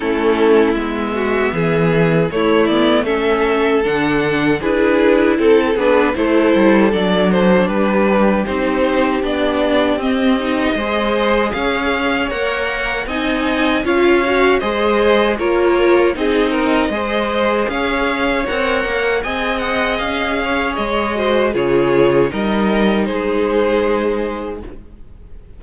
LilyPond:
<<
  \new Staff \with { instrumentName = "violin" } { \time 4/4 \tempo 4 = 78 a'4 e''2 cis''8 d''8 | e''4 fis''4 b'4 a'8 b'8 | c''4 d''8 c''8 b'4 c''4 | d''4 dis''2 f''4 |
fis''4 gis''4 f''4 dis''4 | cis''4 dis''2 f''4 | fis''4 gis''8 fis''8 f''4 dis''4 | cis''4 dis''4 c''2 | }
  \new Staff \with { instrumentName = "violin" } { \time 4/4 e'4. fis'8 gis'4 e'4 | a'2 gis'4 a'8 gis'8 | a'2 g'2~ | g'2 c''4 cis''4~ |
cis''4 dis''4 cis''4 c''4 | ais'4 gis'8 ais'8 c''4 cis''4~ | cis''4 dis''4. cis''4 c''8 | gis'4 ais'4 gis'2 | }
  \new Staff \with { instrumentName = "viola" } { \time 4/4 cis'4 b2 a8 b8 | cis'4 d'4 e'4. d'8 | e'4 d'2 dis'4 | d'4 c'8 dis'8 gis'2 |
ais'4 dis'4 f'8 fis'8 gis'4 | f'4 dis'4 gis'2 | ais'4 gis'2~ gis'8 fis'8 | f'4 dis'2. | }
  \new Staff \with { instrumentName = "cello" } { \time 4/4 a4 gis4 e4 a4~ | a4 d4 d'4 c'8 b8 | a8 g8 fis4 g4 c'4 | b4 c'4 gis4 cis'4 |
ais4 c'4 cis'4 gis4 | ais4 c'4 gis4 cis'4 | c'8 ais8 c'4 cis'4 gis4 | cis4 g4 gis2 | }
>>